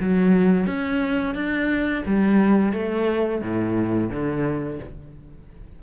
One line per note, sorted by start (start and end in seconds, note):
0.00 0.66 F#3
0.66 1.35 C#4
1.35 2.04 D4
2.06 2.73 G3
2.73 3.42 A3
3.42 4.10 A2
4.10 4.79 D3